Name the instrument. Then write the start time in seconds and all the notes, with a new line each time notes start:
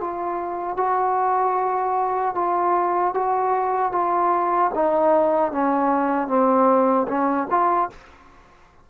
trombone
0.00 F4
0.76 F#4
2.35 F4
3.14 F#4
3.92 F4
4.74 D#4
5.52 C#4
6.27 C4
7.08 C#4
7.50 F4